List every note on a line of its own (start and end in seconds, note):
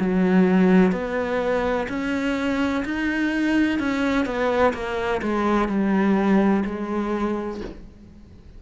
0.00 0.92 F#3
0.92 1.87 B3
1.89 2.84 C#4
2.85 3.79 D#4
3.79 4.26 C#4
4.26 4.74 B3
4.74 5.22 A#3
5.22 5.68 G#3
5.68 6.64 G3
6.65 7.61 G#3